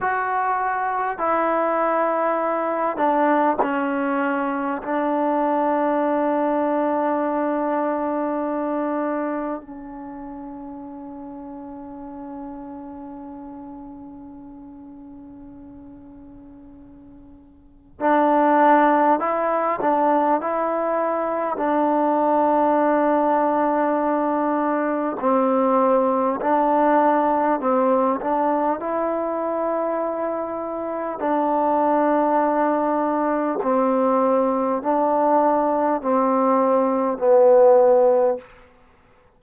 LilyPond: \new Staff \with { instrumentName = "trombone" } { \time 4/4 \tempo 4 = 50 fis'4 e'4. d'8 cis'4 | d'1 | cis'1~ | cis'2. d'4 |
e'8 d'8 e'4 d'2~ | d'4 c'4 d'4 c'8 d'8 | e'2 d'2 | c'4 d'4 c'4 b4 | }